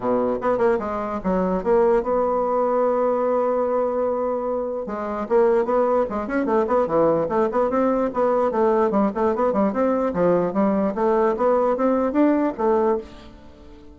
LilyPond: \new Staff \with { instrumentName = "bassoon" } { \time 4/4 \tempo 4 = 148 b,4 b8 ais8 gis4 fis4 | ais4 b2.~ | b1 | gis4 ais4 b4 gis8 cis'8 |
a8 b8 e4 a8 b8 c'4 | b4 a4 g8 a8 b8 g8 | c'4 f4 g4 a4 | b4 c'4 d'4 a4 | }